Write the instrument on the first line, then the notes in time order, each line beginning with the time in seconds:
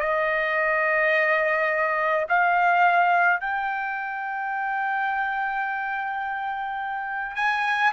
trumpet
0.00 D#5
2.28 F5
3.40 G5
7.35 G#5